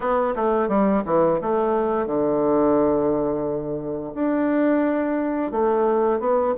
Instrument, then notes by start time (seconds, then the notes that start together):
bassoon
0.00 B3
0.35 A3
0.68 G3
1.05 E3
1.41 A3
2.06 D3
4.14 D4
5.51 A3
6.19 B3